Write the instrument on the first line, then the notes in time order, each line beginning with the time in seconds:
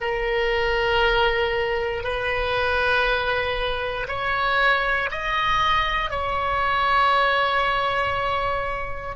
oboe
0.00 A#4
2.03 B4
4.08 C#5
5.11 D#5
6.10 C#5